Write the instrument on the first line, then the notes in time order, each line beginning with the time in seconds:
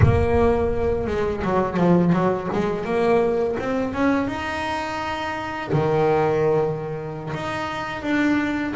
double bass
0.02 A#3
1.06 G#3
1.44 F#3
1.77 F3
2.12 F#3
2.52 G#3
2.84 A#3
3.59 C4
3.93 C#4
4.27 D#4
5.72 D#3
7.34 D#4
8.02 D4